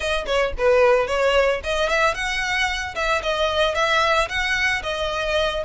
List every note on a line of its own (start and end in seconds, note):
0.00 0.25 D#5
0.26 0.53 C#5
0.58 1.07 B4
1.07 1.60 C#5
1.63 1.89 D#5
1.89 2.14 E5
2.14 2.95 F#5
2.95 3.21 E5
3.22 3.75 D#5
3.75 4.28 E5
4.28 4.82 F#5
4.82 5.63 D#5